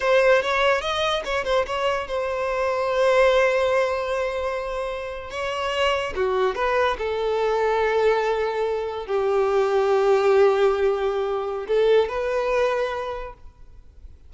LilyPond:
\new Staff \with { instrumentName = "violin" } { \time 4/4 \tempo 4 = 144 c''4 cis''4 dis''4 cis''8 c''8 | cis''4 c''2.~ | c''1~ | c''8. cis''2 fis'4 b'16~ |
b'8. a'2.~ a'16~ | a'4.~ a'16 g'2~ g'16~ | g'1 | a'4 b'2. | }